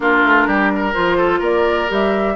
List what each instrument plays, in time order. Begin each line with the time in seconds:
0.00 bassoon A#3, clarinet D4, oboe F4, flute A#4
0.23 bassoon A3
0.46 bassoon G3, oboe G4
0.75 oboe A#4
0.93 bassoon F3, clarinet F4, flute C5
1.17 oboe A4
1.39 bassoon A#3, oboe A#4, flute D5
1.88 bassoon G3, clarinet G4, flute E5